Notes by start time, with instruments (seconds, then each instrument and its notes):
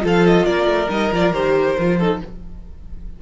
0.00 cello F3, viola F4, violin A4
0.07 violin F5
0.26 violin D#5
0.45 cello A#3, violin A#4 D5
0.65 cello A3
0.89 cello G3, viola D#4, violin D#5
1.12 cello F3, viola F4, violin D5
1.32 cello D#3, viola G4, violin C5
1.78 cello F3, viola F4
1.98 viola D#4, violin A4